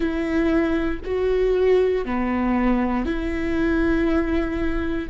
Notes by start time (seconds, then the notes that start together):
0.00 E4
1.04 F#4
2.05 B3
3.05 E4